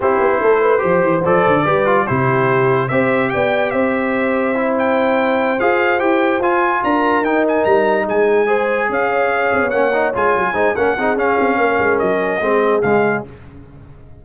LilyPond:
<<
  \new Staff \with { instrumentName = "trumpet" } { \time 4/4 \tempo 4 = 145 c''2. d''4~ | d''4 c''2 e''4 | g''4 e''2~ e''8 g''8~ | g''4. f''4 g''4 gis''8~ |
gis''8 ais''4 g''8 gis''8 ais''4 gis''8~ | gis''4. f''2 fis''8~ | fis''8 gis''4. fis''4 f''4~ | f''4 dis''2 f''4 | }
  \new Staff \with { instrumentName = "horn" } { \time 4/4 g'4 a'8 b'8 c''2 | b'4 g'2 c''4 | d''4 c''2.~ | c''1~ |
c''8 ais'2. gis'8~ | gis'8 c''4 cis''2~ cis''8~ | cis''4. c''8 ais'8 gis'4. | ais'2 gis'2 | }
  \new Staff \with { instrumentName = "trombone" } { \time 4/4 e'2 g'4 a'4 | g'8 f'8 e'2 g'4~ | g'2. e'4~ | e'4. gis'4 g'4 f'8~ |
f'4. dis'2~ dis'8~ | dis'8 gis'2. cis'8 | dis'8 f'4 dis'8 cis'8 dis'8 cis'4~ | cis'2 c'4 gis4 | }
  \new Staff \with { instrumentName = "tuba" } { \time 4/4 c'8 b8 a4 f8 e8 f8 d8 | g4 c2 c'4 | b4 c'2.~ | c'4. f'4 e'4 f'8~ |
f'8 d'4 dis'4 g4 gis8~ | gis4. cis'4. c'16 b16 ais8~ | ais8 gis8 fis8 gis8 ais8 c'8 cis'8 c'8 | ais8 gis8 fis4 gis4 cis4 | }
>>